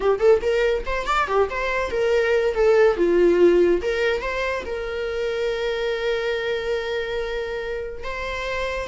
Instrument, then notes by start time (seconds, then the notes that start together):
viola
0.00 G4
0.19 A4
0.41 A#4
0.86 C5
1.06 D5
1.27 G4
1.50 C5
1.91 A#4
2.54 A4
2.97 F4
3.81 A#4
4.21 C5
4.65 A#4
8.03 C5